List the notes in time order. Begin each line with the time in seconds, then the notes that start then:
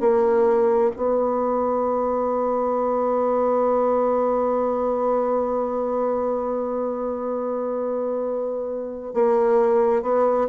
0.00 A#3
0.96 B3
9.14 A#3
10.02 B3